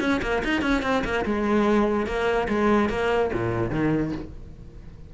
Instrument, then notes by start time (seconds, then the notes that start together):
cello
0.00 C#4
0.22 A#3
0.44 D#4
0.62 C#4
0.83 C4
1.04 A#3
1.25 G#3
2.06 A#3
2.48 G#3
2.89 A#3
3.33 A#2
3.71 D#3